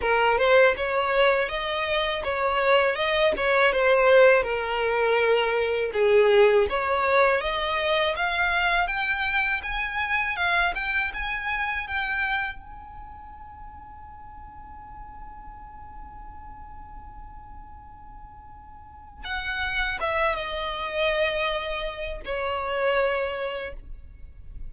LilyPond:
\new Staff \with { instrumentName = "violin" } { \time 4/4 \tempo 4 = 81 ais'8 c''8 cis''4 dis''4 cis''4 | dis''8 cis''8 c''4 ais'2 | gis'4 cis''4 dis''4 f''4 | g''4 gis''4 f''8 g''8 gis''4 |
g''4 gis''2.~ | gis''1~ | gis''2 fis''4 e''8 dis''8~ | dis''2 cis''2 | }